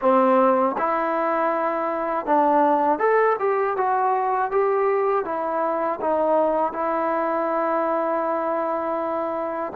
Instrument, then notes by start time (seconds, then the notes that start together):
trombone
0.01 C4
0.77 E4
2.26 D4
2.98 A4
3.39 G4
3.76 F#4
4.51 G4
5.24 E4
6.00 D#4
6.72 E4